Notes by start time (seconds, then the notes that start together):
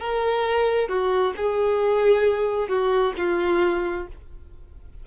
0.00 A#4
0.89 F#4
1.37 G#4
2.69 F#4
3.18 F4